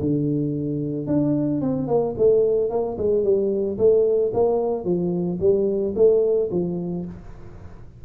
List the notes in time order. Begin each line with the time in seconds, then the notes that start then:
0.00 D3
1.07 D4
1.61 C4
1.87 A#3
2.17 A3
2.69 A#3
2.97 G#3
3.23 G3
3.78 A3
4.33 A#3
4.84 F3
5.40 G3
5.95 A3
6.51 F3